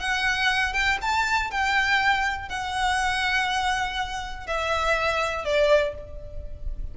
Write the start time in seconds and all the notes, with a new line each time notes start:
0.00 F#5
0.73 G5
1.02 A5
1.51 G5
2.49 F#5
4.47 E5
5.45 D5